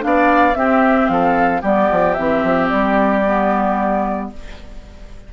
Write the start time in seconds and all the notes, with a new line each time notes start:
0.00 B3 D4 F5
0.06 D5
0.55 C4 G4 E5
1.08 F3 A4 F5
1.62 G3 B3 G4 D5
1.91 F3
2.14 E3 C4 E5
2.44 F3
2.69 G3 D5
3.26 B3